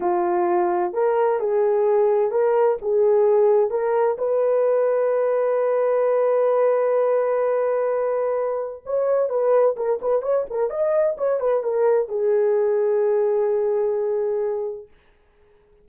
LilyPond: \new Staff \with { instrumentName = "horn" } { \time 4/4 \tempo 4 = 129 f'2 ais'4 gis'4~ | gis'4 ais'4 gis'2 | ais'4 b'2.~ | b'1~ |
b'2. cis''4 | b'4 ais'8 b'8 cis''8 ais'8 dis''4 | cis''8 b'8 ais'4 gis'2~ | gis'1 | }